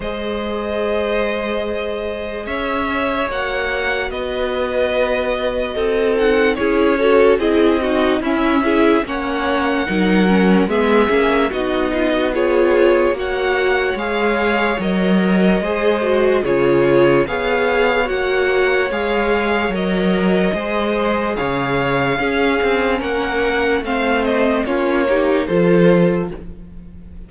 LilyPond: <<
  \new Staff \with { instrumentName = "violin" } { \time 4/4 \tempo 4 = 73 dis''2. e''4 | fis''4 dis''2~ dis''8 fis''8 | cis''4 dis''4 e''4 fis''4~ | fis''4 e''4 dis''4 cis''4 |
fis''4 f''4 dis''2 | cis''4 f''4 fis''4 f''4 | dis''2 f''2 | fis''4 f''8 dis''8 cis''4 c''4 | }
  \new Staff \with { instrumentName = "violin" } { \time 4/4 c''2. cis''4~ | cis''4 b'2 a'4 | gis'8 a'8 gis'8 fis'8 e'8 gis'8 cis''4 | ais'4 gis'4 fis'8 f'16 fis'16 gis'4 |
cis''2. c''4 | gis'4 cis''2.~ | cis''4 c''4 cis''4 gis'4 | ais'4 c''4 f'8 g'8 a'4 | }
  \new Staff \with { instrumentName = "viola" } { \time 4/4 gis'1 | fis'2.~ fis'8 dis'8 | e'8 fis'8 e'8 dis'8 cis'8 e'8 cis'4 | dis'8 cis'8 b8 cis'8 dis'4 f'4 |
fis'4 gis'4 ais'4 gis'8 fis'8 | f'4 gis'4 fis'4 gis'4 | ais'4 gis'2 cis'4~ | cis'4 c'4 cis'8 dis'8 f'4 | }
  \new Staff \with { instrumentName = "cello" } { \time 4/4 gis2. cis'4 | ais4 b2 c'4 | cis'4 c'4 cis'4 ais4 | fis4 gis8 ais8 b2 |
ais4 gis4 fis4 gis4 | cis4 b4 ais4 gis4 | fis4 gis4 cis4 cis'8 c'8 | ais4 a4 ais4 f4 | }
>>